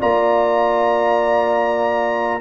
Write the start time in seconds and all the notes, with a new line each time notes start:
0.00 A#3 F4 D5 A#5